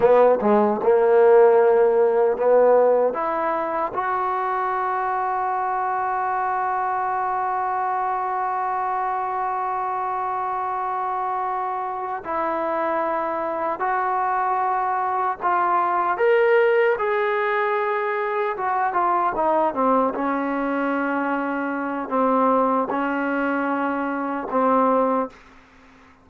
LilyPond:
\new Staff \with { instrumentName = "trombone" } { \time 4/4 \tempo 4 = 76 b8 gis8 ais2 b4 | e'4 fis'2.~ | fis'1~ | fis'2.~ fis'8 e'8~ |
e'4. fis'2 f'8~ | f'8 ais'4 gis'2 fis'8 | f'8 dis'8 c'8 cis'2~ cis'8 | c'4 cis'2 c'4 | }